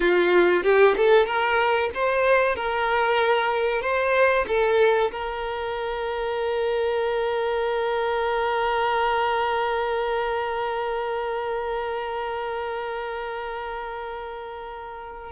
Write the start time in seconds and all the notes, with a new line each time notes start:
0.00 F4
0.63 G4
0.97 A4
1.26 A#4
1.94 C5
2.55 A#4
3.81 C5
4.47 A4
5.11 A#4